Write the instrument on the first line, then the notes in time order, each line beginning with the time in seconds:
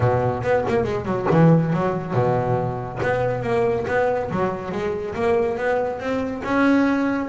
double bass
0.00 B2
0.42 B3
0.68 A#3
0.84 G#3
1.05 F#3
1.31 E3
1.73 F#3
2.13 B2
3.02 B3
3.42 A#3
3.87 B3
4.31 F#3
4.71 G#3
5.14 A#3
5.57 B3
5.99 C4
6.44 C#4